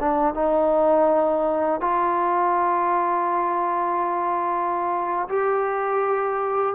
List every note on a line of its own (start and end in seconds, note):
0.00 0.34 D4
0.34 1.81 D#4
1.81 5.28 F4
5.29 6.75 G4